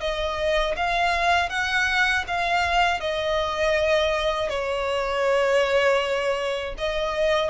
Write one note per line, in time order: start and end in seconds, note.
0.00 0.75 D#5
0.76 1.49 F5
1.49 2.24 F#5
2.27 3.00 F5
3.00 4.49 D#5
4.49 6.74 C#5
6.77 7.50 D#5